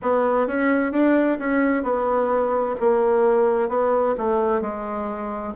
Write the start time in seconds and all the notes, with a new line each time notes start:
0.02 B3
0.47 C#4
0.91 D4
1.39 C#4
1.83 B3
2.79 A#3
3.68 B3
4.17 A3
4.61 G#3